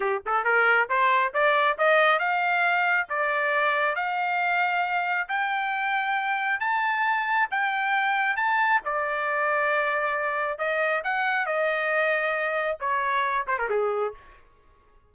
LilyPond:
\new Staff \with { instrumentName = "trumpet" } { \time 4/4 \tempo 4 = 136 g'8 a'8 ais'4 c''4 d''4 | dis''4 f''2 d''4~ | d''4 f''2. | g''2. a''4~ |
a''4 g''2 a''4 | d''1 | dis''4 fis''4 dis''2~ | dis''4 cis''4. c''16 ais'16 gis'4 | }